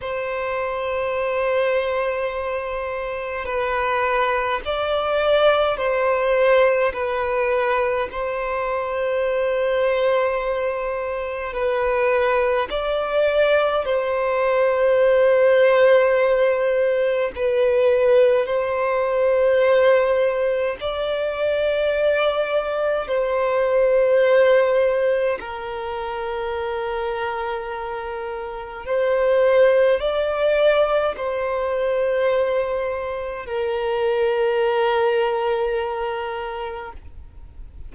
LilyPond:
\new Staff \with { instrumentName = "violin" } { \time 4/4 \tempo 4 = 52 c''2. b'4 | d''4 c''4 b'4 c''4~ | c''2 b'4 d''4 | c''2. b'4 |
c''2 d''2 | c''2 ais'2~ | ais'4 c''4 d''4 c''4~ | c''4 ais'2. | }